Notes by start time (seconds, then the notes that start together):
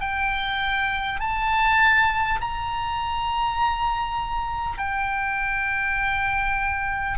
0.00 G5
1.20 A5
2.40 A#5
4.77 G5